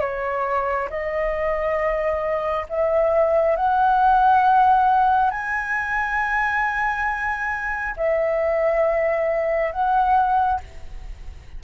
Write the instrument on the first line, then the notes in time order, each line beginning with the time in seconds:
flute
0.00 C#5
0.89 D#5
2.69 E5
3.56 F#5
5.30 G#5
7.97 E5
9.72 F#5